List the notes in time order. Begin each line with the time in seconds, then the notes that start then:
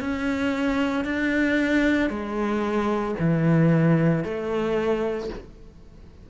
0.00 C#4
1.04 D4
2.10 G#3
3.19 E3
4.24 A3